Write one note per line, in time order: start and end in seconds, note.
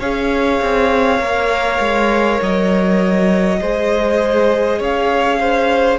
0.00 0.61 C#4
0.00 1.19 G#4
0.00 3.60 C#5
0.00 2.41 F5
0.62 1.19 C4
1.19 1.79 A#3
1.19 3.58 A#4
1.79 2.40 G#3
2.43 3.62 F#3
2.43 4.83 D#5
3.61 4.80 G#3
3.61 5.99 G#4
3.61 4.79 C5
4.79 5.99 C#4
4.79 5.39 C#5
4.79 5.99 F5
5.41 5.99 C5